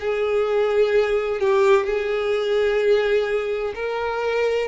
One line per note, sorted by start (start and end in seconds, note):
0.00 1.40 G#4
1.40 1.86 G4
1.86 3.74 G#4
3.75 4.68 A#4